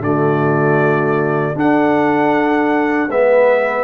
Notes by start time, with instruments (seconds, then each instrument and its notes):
0.00 tuba D3, trombone A3, horn F#4, trumpet D5
1.55 trombone D4, tuba D4, horn A4, trumpet F#5
3.09 tuba G#3, trombone B3, horn B4, trumpet E5